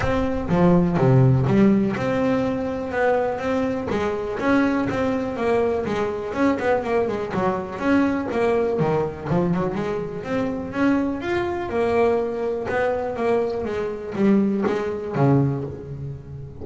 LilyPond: \new Staff \with { instrumentName = "double bass" } { \time 4/4 \tempo 4 = 123 c'4 f4 c4 g4 | c'2 b4 c'4 | gis4 cis'4 c'4 ais4 | gis4 cis'8 b8 ais8 gis8 fis4 |
cis'4 ais4 dis4 f8 fis8 | gis4 c'4 cis'4 f'4 | ais2 b4 ais4 | gis4 g4 gis4 cis4 | }